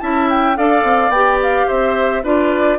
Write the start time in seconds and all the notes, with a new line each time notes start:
0.00 C#4 E4 E5 A5
0.30 G5
0.56 D4 A4 D5 F5
0.83 C4
1.09 B3 G4 G5
1.43 F5
1.67 C4 C5 E5
2.23 D4 F4 B4 D5